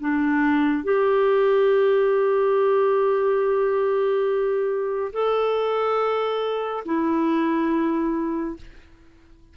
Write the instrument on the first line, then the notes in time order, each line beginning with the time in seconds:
clarinet
0.00 D4
0.83 G4
5.13 A4
6.85 E4